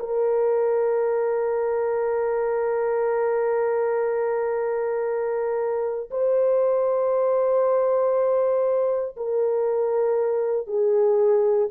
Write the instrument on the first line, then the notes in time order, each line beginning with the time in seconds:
horn
0.00 A#4
6.11 C5
9.17 A#4
10.67 G#4